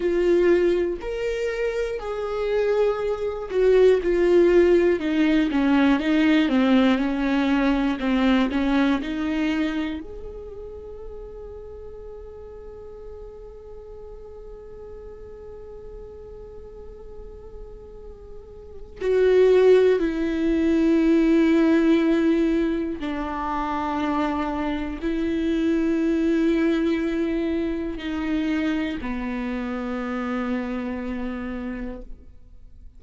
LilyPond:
\new Staff \with { instrumentName = "viola" } { \time 4/4 \tempo 4 = 60 f'4 ais'4 gis'4. fis'8 | f'4 dis'8 cis'8 dis'8 c'8 cis'4 | c'8 cis'8 dis'4 gis'2~ | gis'1~ |
gis'2. fis'4 | e'2. d'4~ | d'4 e'2. | dis'4 b2. | }